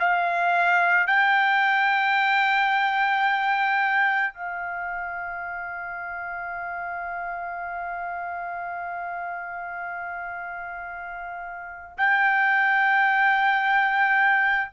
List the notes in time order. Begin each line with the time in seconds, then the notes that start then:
0.00 F5
1.07 G5
4.34 F5
11.98 G5